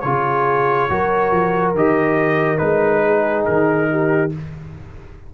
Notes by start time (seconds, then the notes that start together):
0.00 C#3 F4 C#5
0.06 G#4
0.89 F#3 F#4 A#4
1.31 F3
1.74 D#3 G4 D#5
2.57 G#3 D#4 B4
3.04 G#4
3.45 D#3 A#4
3.91 G4